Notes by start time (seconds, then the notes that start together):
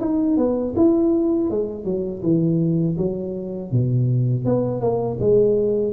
0.00 D#4
0.37 B3
0.76 E4
1.50 G#3
1.84 F#3
2.22 E3
2.97 F#3
3.71 B2
4.45 B3
4.80 A#3
5.20 G#3